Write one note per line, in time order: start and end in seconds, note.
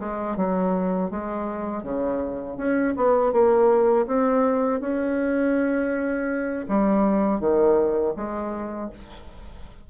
0.00 0.36 G#3
0.36 1.10 F#3
1.11 1.83 G#3
1.83 2.57 C#3
2.57 2.94 C#4
2.97 3.32 B3
3.32 4.06 A#3
4.07 4.81 C4
4.81 6.66 C#4
6.69 7.40 G3
7.40 8.14 D#3
8.16 8.90 G#3